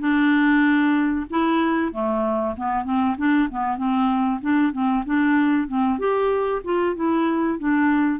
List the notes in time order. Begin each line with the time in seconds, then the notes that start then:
0.00 D4
1.30 E4
1.93 A3
2.57 B3
2.85 C4
3.18 D4
3.50 B3
3.78 C4
4.41 D4
4.73 C4
5.06 D4
5.68 C4
5.99 G4
6.64 F4
6.96 E4
7.59 D4